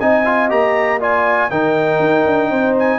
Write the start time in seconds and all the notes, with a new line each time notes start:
0.00 C4 D#4 D#5 G#5
0.25 F4
0.49 A#3 G4 A#5
1.00 F4 D5 G#5
1.50 D#3 D#4 A#4 G5
2.00 D#4
2.26 D4
2.51 C4 C5
2.79 G#5